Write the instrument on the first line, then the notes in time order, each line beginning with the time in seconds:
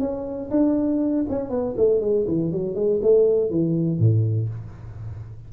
tuba
0.00 C#4
0.51 D4
1.29 C#4
1.50 B3
1.77 A3
2.01 G#3
2.27 E3
2.52 F#3
2.75 G#3
3.02 A3
3.50 E3
3.99 A2